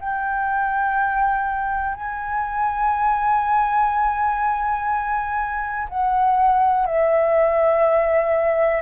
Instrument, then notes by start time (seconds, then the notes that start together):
flute
0.00 G5
1.95 G#5
5.89 F#5
6.86 E5